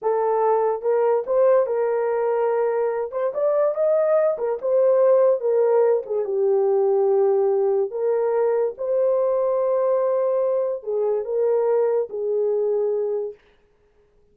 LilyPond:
\new Staff \with { instrumentName = "horn" } { \time 4/4 \tempo 4 = 144 a'2 ais'4 c''4 | ais'2.~ ais'8 c''8 | d''4 dis''4. ais'8 c''4~ | c''4 ais'4. gis'8 g'4~ |
g'2. ais'4~ | ais'4 c''2.~ | c''2 gis'4 ais'4~ | ais'4 gis'2. | }